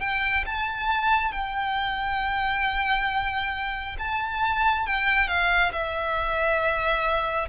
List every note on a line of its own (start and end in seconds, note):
0.00 0.44 G5
0.46 1.32 A5
1.32 3.97 G5
3.98 4.86 A5
4.86 5.27 G5
5.27 5.72 F5
5.72 7.48 E5